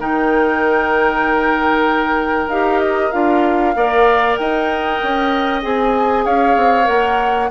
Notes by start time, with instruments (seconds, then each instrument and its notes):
0.00 bassoon D#3, clarinet D#4, oboe A#4, flute G5
2.48 bassoon D#4, clarinet G4, flute F5
2.80 flute D#5
3.12 bassoon D4, clarinet F4, flute F5
3.76 bassoon A#3, clarinet A#4, oboe D5
4.37 bassoon D#4, oboe D#5, flute G5
5.03 bassoon C#4
5.63 bassoon C4, clarinet G#4, flute G#5
6.25 bassoon C#4, oboe C#5, flute F5
6.57 bassoon C4
6.84 bassoon A#3, clarinet A#4, flute F#5